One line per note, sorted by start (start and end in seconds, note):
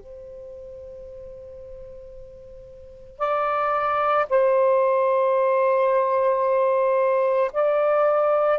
0.00 3.19 C5
3.19 4.26 D5
4.30 7.51 C5
7.53 8.59 D5